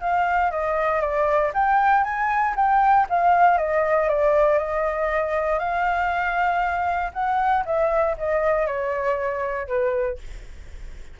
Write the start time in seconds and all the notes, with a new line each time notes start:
0.00 F5
0.51 D#5
1.01 D5
1.53 G5
2.03 G#5
2.55 G5
3.09 F5
3.57 D#5
4.08 D5
4.58 D#5
5.59 F5
7.13 F#5
7.65 E5
8.17 D#5
8.66 C#5
9.67 B4